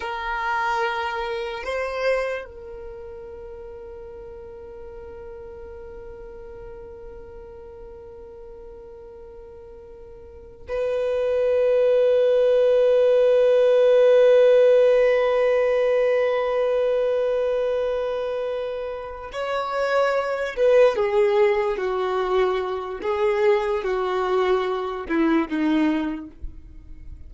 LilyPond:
\new Staff \with { instrumentName = "violin" } { \time 4/4 \tempo 4 = 73 ais'2 c''4 ais'4~ | ais'1~ | ais'1~ | ais'4 b'2.~ |
b'1~ | b'2.~ b'8 cis''8~ | cis''4 b'8 gis'4 fis'4. | gis'4 fis'4. e'8 dis'4 | }